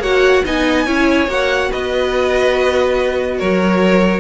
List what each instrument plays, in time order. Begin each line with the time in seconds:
0.00 cello A#3, viola F#4, violin C#5 F#5
0.45 cello B3, viola D#4, violin D#5 G#5
0.86 cello C#4, viola E4, violin C#5
1.28 cello A#3, viola F#4, violin F#5
1.70 cello B3, violin B4 D#5
3.38 cello F#3, violin A#4 C#5